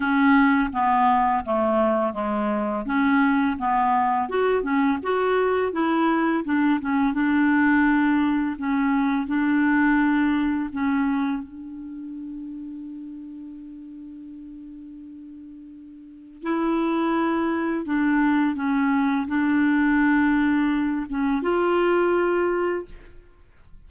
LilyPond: \new Staff \with { instrumentName = "clarinet" } { \time 4/4 \tempo 4 = 84 cis'4 b4 a4 gis4 | cis'4 b4 fis'8 cis'8 fis'4 | e'4 d'8 cis'8 d'2 | cis'4 d'2 cis'4 |
d'1~ | d'2. e'4~ | e'4 d'4 cis'4 d'4~ | d'4. cis'8 f'2 | }